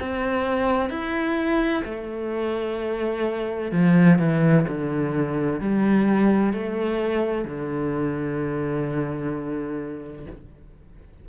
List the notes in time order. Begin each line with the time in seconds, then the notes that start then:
0.00 C4
0.90 E4
1.85 A3
3.72 F3
4.19 E3
4.68 D3
5.60 G3
6.54 A3
7.45 D3